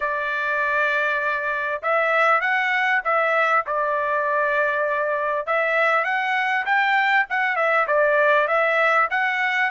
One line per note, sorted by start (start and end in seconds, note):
0.00 1.82 D5
1.82 2.40 E5
2.40 3.01 F#5
3.04 3.65 E5
3.66 5.46 D5
5.46 6.04 E5
6.04 6.65 F#5
6.65 7.26 G5
7.29 7.56 F#5
7.56 7.86 E5
7.87 8.47 D5
8.47 9.08 E5
9.10 9.70 F#5